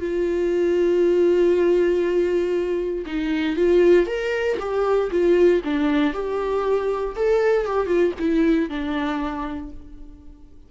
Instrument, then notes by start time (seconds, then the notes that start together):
viola
0.00 F4
3.06 D#4
3.56 F4
4.06 A#4
4.59 G4
5.11 F4
5.64 D4
6.13 G4
7.16 A4
7.66 G4
7.87 F4
8.19 E4
8.69 D4